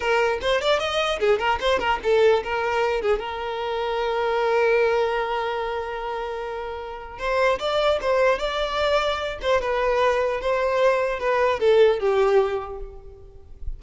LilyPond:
\new Staff \with { instrumentName = "violin" } { \time 4/4 \tempo 4 = 150 ais'4 c''8 d''8 dis''4 gis'8 ais'8 | c''8 ais'8 a'4 ais'4. gis'8 | ais'1~ | ais'1~ |
ais'2 c''4 d''4 | c''4 d''2~ d''8 c''8 | b'2 c''2 | b'4 a'4 g'2 | }